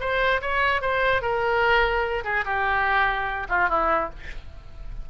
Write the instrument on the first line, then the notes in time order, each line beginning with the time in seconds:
oboe
0.00 C5
0.41 C#5
0.81 C5
1.22 A#4
2.24 G#4
2.45 G4
3.49 F4
3.69 E4